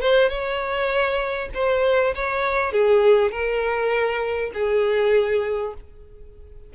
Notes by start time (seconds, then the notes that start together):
0.00 C5
0.29 C#5
1.54 C5
2.15 C#5
2.72 G#4
3.31 A#4
4.54 G#4